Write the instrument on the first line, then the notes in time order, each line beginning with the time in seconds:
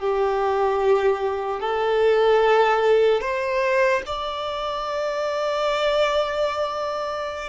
violin
0.00 G4
1.61 A4
3.21 C5
4.07 D5